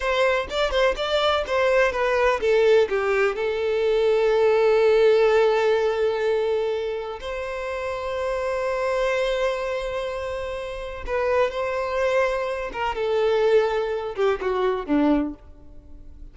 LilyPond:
\new Staff \with { instrumentName = "violin" } { \time 4/4 \tempo 4 = 125 c''4 d''8 c''8 d''4 c''4 | b'4 a'4 g'4 a'4~ | a'1~ | a'2. c''4~ |
c''1~ | c''2. b'4 | c''2~ c''8 ais'8 a'4~ | a'4. g'8 fis'4 d'4 | }